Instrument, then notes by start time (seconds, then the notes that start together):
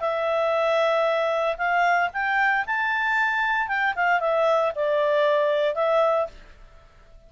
clarinet
0.00 E5
1.57 F5
2.13 G5
2.66 A5
3.68 G5
3.95 F5
4.20 E5
4.75 D5
5.75 E5